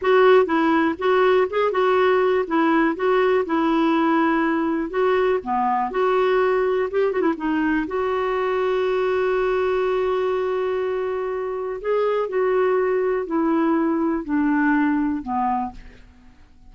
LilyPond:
\new Staff \with { instrumentName = "clarinet" } { \time 4/4 \tempo 4 = 122 fis'4 e'4 fis'4 gis'8 fis'8~ | fis'4 e'4 fis'4 e'4~ | e'2 fis'4 b4 | fis'2 g'8 fis'16 e'16 dis'4 |
fis'1~ | fis'1 | gis'4 fis'2 e'4~ | e'4 d'2 b4 | }